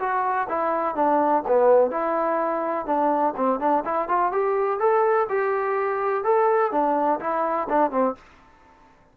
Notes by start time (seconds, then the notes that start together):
0.00 F#4
0.49 E4
0.96 D4
1.48 B3
1.91 E4
2.86 D4
3.37 C4
3.60 D4
3.85 E4
4.09 F4
4.33 G4
4.80 A4
5.30 G4
6.25 A4
6.72 D4
7.20 E4
7.70 D4
7.92 C4